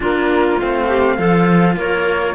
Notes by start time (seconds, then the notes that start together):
0.00 A#3 D4 F4 A#4
0.59 A3 C4 F5
0.87 G4
1.17 F3 F4 A4
1.76 A#3 A#4 C#5